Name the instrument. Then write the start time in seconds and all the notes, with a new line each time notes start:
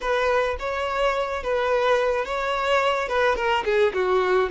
violin
0.00 B4
0.59 C#5
1.43 B4
2.25 C#5
3.08 B4
3.35 A#4
3.64 G#4
3.93 F#4